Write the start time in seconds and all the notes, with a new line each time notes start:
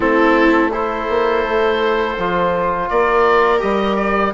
0.00 A3 C4 E4 A4
0.72 E4 A4 C5
1.09 A#3
1.44 A3
2.17 F3 F4
2.89 A#3 A#4 D5
3.58 G3 G4 D#5
3.96 D5